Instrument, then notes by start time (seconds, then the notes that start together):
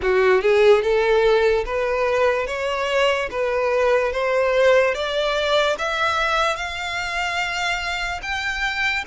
violin
0.02 F#4
0.41 G#4
0.82 A4
1.65 B4
2.47 C#5
3.30 B4
4.12 C5
4.94 D5
5.78 E5
6.55 F5
8.22 G5